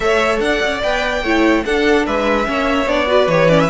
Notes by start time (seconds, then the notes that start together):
0.00 A3 A4 C#5 E5
0.39 D4 D5 F#5
0.62 C#4
0.82 B3 B4 G5
1.22 A3 E4 C#5
1.64 D4 A4 F#5
2.06 G#3 B4 E5
2.44 A#3 C#4 C#5
2.86 B3 D4 D5
3.07 F#4 B4
3.27 E3 G4 C#5
3.49 C#4 D5
3.59 E5